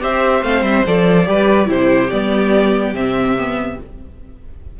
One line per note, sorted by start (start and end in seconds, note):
0.00 0.42 C4
0.00 0.42 G4
0.00 1.27 C5
0.00 0.43 E5
0.42 0.61 A3
0.42 0.85 C4
0.42 0.64 F5
0.61 0.82 G3
0.61 0.85 E5
0.86 1.28 F3
0.86 1.25 A4
0.86 1.70 D5
1.25 1.68 G3
1.25 1.66 G4
1.25 1.69 B4
1.66 2.10 C3
1.66 2.08 E4
1.66 3.79 G4
1.66 2.10 C5
2.10 2.93 G3
2.10 2.95 B3
2.10 2.94 D5
2.93 3.77 C3
2.93 3.37 C4
2.93 3.79 E5
3.37 3.79 B3